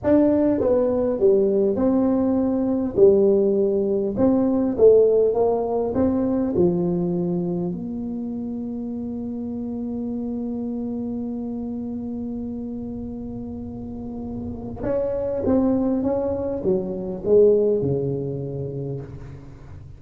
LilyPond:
\new Staff \with { instrumentName = "tuba" } { \time 4/4 \tempo 4 = 101 d'4 b4 g4 c'4~ | c'4 g2 c'4 | a4 ais4 c'4 f4~ | f4 ais2.~ |
ais1~ | ais1~ | ais4 cis'4 c'4 cis'4 | fis4 gis4 cis2 | }